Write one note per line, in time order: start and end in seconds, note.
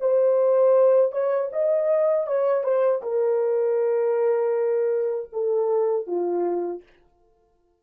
0.00 1.12 C5
1.12 1.50 C#5
1.53 2.27 D#5
2.27 2.64 C#5
2.64 3.02 C5
3.02 5.30 A#4
5.32 6.07 A4
6.07 6.83 F4